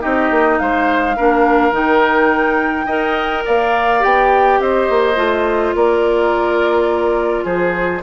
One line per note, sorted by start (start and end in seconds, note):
0.00 0.30 C4
0.00 1.14 D#4
0.00 0.58 G4
0.00 0.59 D#5
0.30 0.59 A#3
0.59 1.17 G#3
0.59 1.16 C5
0.59 1.73 F5
1.16 1.71 A#3
1.16 1.72 D4
1.16 2.86 A#4
1.71 2.86 D#3
1.71 2.86 D#4
1.71 3.46 G5
2.86 3.43 D#4
2.86 4.00 A#4
2.86 3.43 D#5
3.45 4.04 A#3
3.45 4.59 D5
3.45 4.03 F5
4.00 4.59 B3
4.00 5.14 G4
4.00 4.60 G5
4.59 4.88 C4
4.59 5.76 C5
4.59 5.75 D#5
4.89 5.17 A#3
5.15 5.74 A3
5.15 8.01 F4
5.75 7.45 A#3
5.75 7.44 A#4
5.75 7.45 D5
7.44 8.02 F3
7.44 8.01 G#4
7.44 8.02 C5